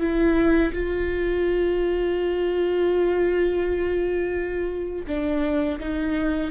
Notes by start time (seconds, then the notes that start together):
0.00 E4
0.73 F4
5.07 D4
5.80 D#4